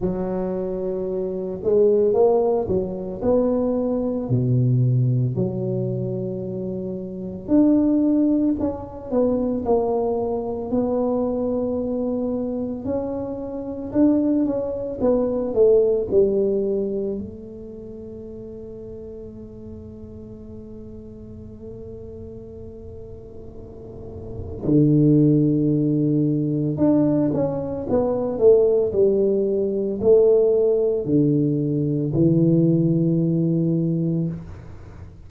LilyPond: \new Staff \with { instrumentName = "tuba" } { \time 4/4 \tempo 4 = 56 fis4. gis8 ais8 fis8 b4 | b,4 fis2 d'4 | cis'8 b8 ais4 b2 | cis'4 d'8 cis'8 b8 a8 g4 |
a1~ | a2. d4~ | d4 d'8 cis'8 b8 a8 g4 | a4 d4 e2 | }